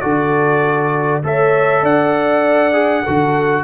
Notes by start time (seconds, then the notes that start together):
0.00 D3 F#4 A4 D5
1.23 A3 A4 C#5 E5
1.82 D4 D5 F#5
2.72 G#4
3.03 D3 F#4 A4